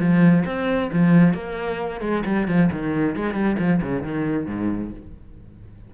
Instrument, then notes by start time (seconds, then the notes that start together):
cello
0.00 F3
0.46 C4
0.93 F3
1.34 A#3
2.01 G#3
2.26 G3
2.48 F3
2.72 D#3
3.16 G#3
3.34 G3
3.59 F3
3.82 C#3
4.03 D#3
4.47 G#2